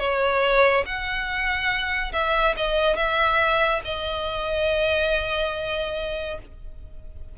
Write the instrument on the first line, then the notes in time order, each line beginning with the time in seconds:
violin
0.00 C#5
0.86 F#5
2.13 E5
2.57 D#5
2.97 E5
3.85 D#5